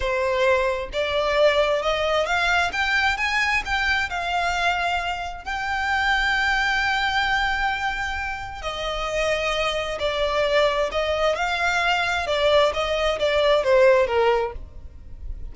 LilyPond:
\new Staff \with { instrumentName = "violin" } { \time 4/4 \tempo 4 = 132 c''2 d''2 | dis''4 f''4 g''4 gis''4 | g''4 f''2. | g''1~ |
g''2. dis''4~ | dis''2 d''2 | dis''4 f''2 d''4 | dis''4 d''4 c''4 ais'4 | }